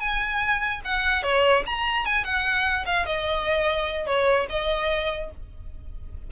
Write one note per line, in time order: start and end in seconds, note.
0.00 0.81 G#5
0.85 1.23 F#5
1.23 1.64 C#5
1.66 2.05 A#5
2.05 2.24 G#5
2.24 2.85 F#5
2.86 3.06 F5
3.06 4.07 D#5
4.07 4.47 C#5
4.50 5.31 D#5